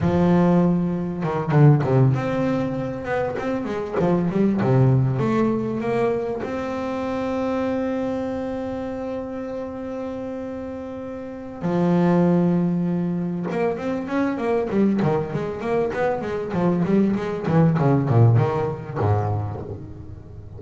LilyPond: \new Staff \with { instrumentName = "double bass" } { \time 4/4 \tempo 4 = 98 f2 dis8 d8 c8 c'8~ | c'4 b8 c'8 gis8 f8 g8 c8~ | c8 a4 ais4 c'4.~ | c'1~ |
c'2. f4~ | f2 ais8 c'8 cis'8 ais8 | g8 dis8 gis8 ais8 b8 gis8 f8 g8 | gis8 e8 cis8 ais,8 dis4 gis,4 | }